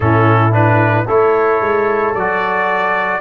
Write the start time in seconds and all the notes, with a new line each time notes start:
0.00 A2 C#4 E4 A4
0.51 D4 B4
1.05 A3 E4 A4 C#5
1.61 G#3
2.14 F#3 F#4 D5